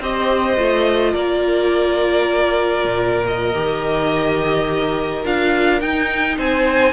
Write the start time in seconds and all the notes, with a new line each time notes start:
0.00 C4 G4 C5 D#5
0.58 A3 F4
1.13 A#3 A#4 D5
2.85 A#2
3.27 D#5
3.54 D#3 G4
5.25 D4 F4 F5
5.81 D#4 G5
6.38 C4 C5 G#5